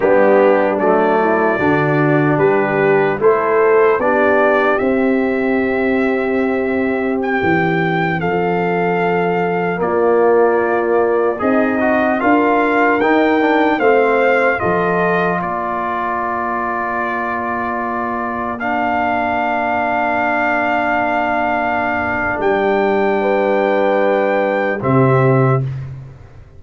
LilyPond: <<
  \new Staff \with { instrumentName = "trumpet" } { \time 4/4 \tempo 4 = 75 g'4 d''2 b'4 | c''4 d''4 e''2~ | e''4 g''4~ g''16 f''4.~ f''16~ | f''16 d''2 dis''4 f''8.~ |
f''16 g''4 f''4 dis''4 d''8.~ | d''2.~ d''16 f''8.~ | f''1 | g''2. e''4 | }
  \new Staff \with { instrumentName = "horn" } { \time 4/4 d'4. e'8 fis'4 g'4 | a'4 g'2.~ | g'2~ g'16 a'4.~ a'16~ | a'16 f'2 dis'4 ais'8.~ |
ais'4~ ais'16 c''4 a'4 ais'8.~ | ais'1~ | ais'1~ | ais'4 b'2 g'4 | }
  \new Staff \with { instrumentName = "trombone" } { \time 4/4 b4 a4 d'2 | e'4 d'4 c'2~ | c'1~ | c'16 ais2 gis'8 fis'8 f'8.~ |
f'16 dis'8 d'8 c'4 f'4.~ f'16~ | f'2.~ f'16 d'8.~ | d'1~ | d'2. c'4 | }
  \new Staff \with { instrumentName = "tuba" } { \time 4/4 g4 fis4 d4 g4 | a4 b4 c'2~ | c'4~ c'16 e4 f4.~ f16~ | f16 ais2 c'4 d'8.~ |
d'16 dis'4 a4 f4 ais8.~ | ais1~ | ais1 | g2. c4 | }
>>